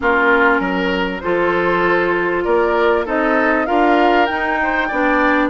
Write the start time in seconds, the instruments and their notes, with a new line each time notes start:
0.00 bassoon A#3, clarinet C#4, oboe F4, flute A#4
0.59 bassoon F#3, oboe A#4
1.20 bassoon F3, clarinet F4, oboe A4, flute C5
2.44 bassoon A#3, oboe A#4, flute D5
3.05 bassoon C4, clarinet D#4, oboe A4, flute D#5
3.66 bassoon D4, clarinet F4, oboe A#4, flute F5
4.26 clarinet D#4, bassoon D#4, flute G5
4.62 oboe C5
4.88 bassoon B3, clarinet D4, oboe D5